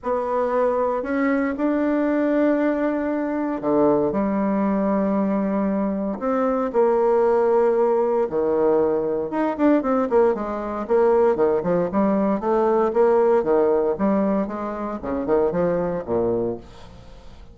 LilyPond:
\new Staff \with { instrumentName = "bassoon" } { \time 4/4 \tempo 4 = 116 b2 cis'4 d'4~ | d'2. d4 | g1 | c'4 ais2. |
dis2 dis'8 d'8 c'8 ais8 | gis4 ais4 dis8 f8 g4 | a4 ais4 dis4 g4 | gis4 cis8 dis8 f4 ais,4 | }